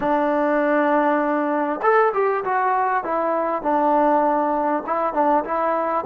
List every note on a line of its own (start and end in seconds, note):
0.00 1.80 D4
1.82 2.12 A4
2.13 2.44 G4
2.44 3.04 F#4
3.04 3.62 E4
3.62 4.83 D4
4.86 5.13 E4
5.13 5.44 D4
5.44 6.04 E4